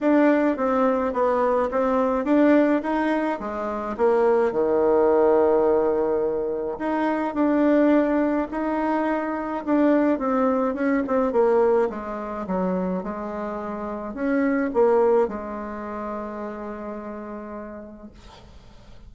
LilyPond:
\new Staff \with { instrumentName = "bassoon" } { \time 4/4 \tempo 4 = 106 d'4 c'4 b4 c'4 | d'4 dis'4 gis4 ais4 | dis1 | dis'4 d'2 dis'4~ |
dis'4 d'4 c'4 cis'8 c'8 | ais4 gis4 fis4 gis4~ | gis4 cis'4 ais4 gis4~ | gis1 | }